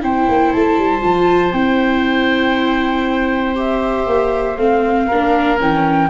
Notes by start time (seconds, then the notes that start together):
0.00 C4 E4 C5 G5
0.28 A#3
0.52 A3 A5
0.77 G3
1.01 F3 F4
1.52 C4 E4 G5
3.55 G4 E5
4.06 A#3
4.57 A3 C4 F5
5.07 A#3 D4 A#4
5.57 E3 C#4 G5